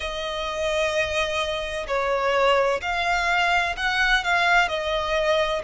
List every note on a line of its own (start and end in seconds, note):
0.00 1.87 D#5
1.87 2.80 C#5
2.81 3.75 F5
3.77 4.24 F#5
4.24 4.68 F5
4.68 5.62 D#5